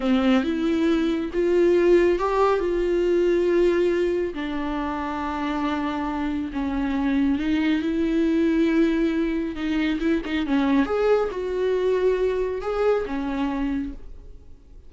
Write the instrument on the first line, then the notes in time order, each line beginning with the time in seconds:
viola
0.00 C4
0.43 E4
1.33 F4
2.18 G4
2.59 F4
4.34 D4
6.52 C#4
7.38 D#4
7.81 E4
9.55 D#4
10.00 E4
10.25 D#4
10.46 C#4
10.85 G#4
11.31 F#4
12.61 G#4
13.06 C#4